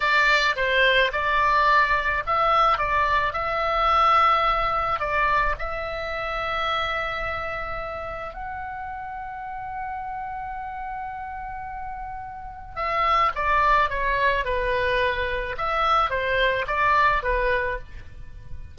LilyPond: \new Staff \with { instrumentName = "oboe" } { \time 4/4 \tempo 4 = 108 d''4 c''4 d''2 | e''4 d''4 e''2~ | e''4 d''4 e''2~ | e''2. fis''4~ |
fis''1~ | fis''2. e''4 | d''4 cis''4 b'2 | e''4 c''4 d''4 b'4 | }